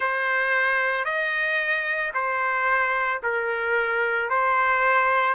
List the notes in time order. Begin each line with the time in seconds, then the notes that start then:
0.00 C5
1.05 D#5
2.14 C5
3.22 A#4
4.29 C5